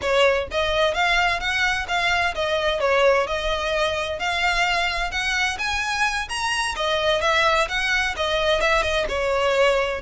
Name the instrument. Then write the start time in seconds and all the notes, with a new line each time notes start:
violin
0.01 C#5
0.51 D#5
0.93 F5
1.40 F#5
1.88 F5
2.34 D#5
2.80 C#5
3.26 D#5
4.19 F5
5.11 F#5
5.58 G#5
6.29 A#5
6.76 D#5
7.21 E5
7.68 F#5
8.16 D#5
8.60 E5
8.82 D#5
9.08 C#5